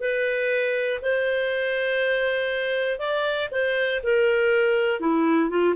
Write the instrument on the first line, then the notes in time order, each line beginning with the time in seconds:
clarinet
0.00 B4
1.01 C5
2.98 D5
3.50 C5
4.03 A#4
5.00 E4
5.49 F4